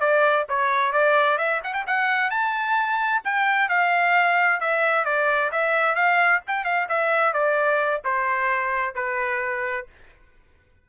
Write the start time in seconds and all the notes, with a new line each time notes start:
0.00 D5
0.49 C#5
0.92 D5
1.38 E5
1.64 F#5
1.73 G5
1.87 F#5
2.30 A5
3.24 G5
3.69 F5
4.60 E5
5.05 D5
5.51 E5
5.95 F5
6.47 G5
6.65 F5
6.88 E5
7.33 D5
8.04 C5
8.95 B4